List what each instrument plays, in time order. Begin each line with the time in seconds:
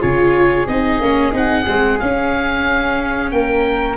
0.00 tuba C#3, viola F4, flute G#4, oboe C#5
0.67 tuba C4, viola D#4, oboe D#5
1.00 tuba A#3, viola C#4
1.32 tuba C4, viola D#4, oboe F#5
1.66 tuba G#3, viola C4
1.99 viola C#4, tuba C#4, oboe F5
3.31 tuba A#3, flute A#4, oboe G5